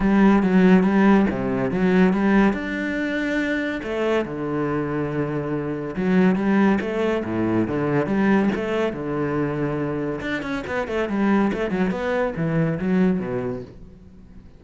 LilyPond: \new Staff \with { instrumentName = "cello" } { \time 4/4 \tempo 4 = 141 g4 fis4 g4 c4 | fis4 g4 d'2~ | d'4 a4 d2~ | d2 fis4 g4 |
a4 a,4 d4 g4 | a4 d2. | d'8 cis'8 b8 a8 g4 a8 fis8 | b4 e4 fis4 b,4 | }